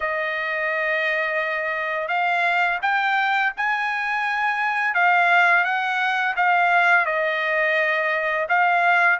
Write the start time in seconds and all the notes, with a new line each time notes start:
0.00 D#5
2.08 F5
2.82 G5
3.56 G#5
4.94 F5
5.64 F#5
6.36 F5
7.05 D#5
8.48 F5